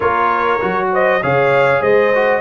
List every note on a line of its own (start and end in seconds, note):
0.00 0.61 A#3
0.00 0.59 F4
0.00 0.88 A#4
0.00 0.89 C#5
0.60 1.23 F#3
0.60 1.21 F#4
0.92 1.22 C5
0.92 1.22 D#5
1.22 1.81 C#3
1.22 2.13 G#4
1.22 1.81 C#5
1.22 1.82 F5
1.81 2.41 G#3
1.81 2.41 C5
1.81 2.41 D#5
2.14 2.41 F#4